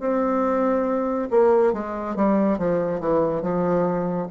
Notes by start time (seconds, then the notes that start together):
0.00 C4
1.31 A#3
1.73 G#3
2.16 G3
2.59 F3
3.00 E3
3.42 F3